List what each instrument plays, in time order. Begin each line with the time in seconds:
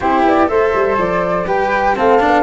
0.00 tuba C4, cello E4, flute G4 C5
0.24 tuba B3, flute D5
0.46 tuba A3, cello A4, flute C5 E5
0.74 tuba G3
0.98 tuba F3, flute D5
1.46 tuba G3, cello G4, flute B4 G5
1.95 tuba A3, cello C4, flute A4 F5
2.19 tuba B3, cello D4